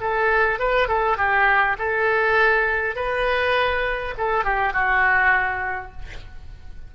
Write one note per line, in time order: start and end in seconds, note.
0.00 0.59 A4
0.59 0.87 B4
0.87 1.17 A4
1.17 1.76 G4
1.78 2.95 A4
2.95 4.14 B4
4.17 4.44 A4
4.44 4.73 G4
4.73 5.92 F#4